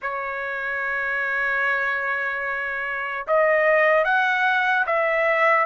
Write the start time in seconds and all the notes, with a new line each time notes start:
0.02 C#5
3.27 D#5
4.04 F#5
4.86 E5